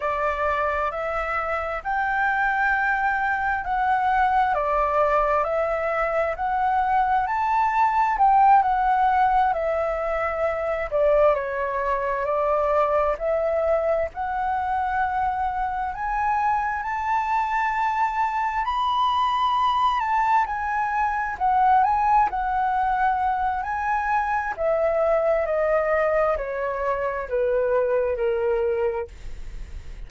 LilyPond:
\new Staff \with { instrumentName = "flute" } { \time 4/4 \tempo 4 = 66 d''4 e''4 g''2 | fis''4 d''4 e''4 fis''4 | a''4 g''8 fis''4 e''4. | d''8 cis''4 d''4 e''4 fis''8~ |
fis''4. gis''4 a''4.~ | a''8 b''4. a''8 gis''4 fis''8 | gis''8 fis''4. gis''4 e''4 | dis''4 cis''4 b'4 ais'4 | }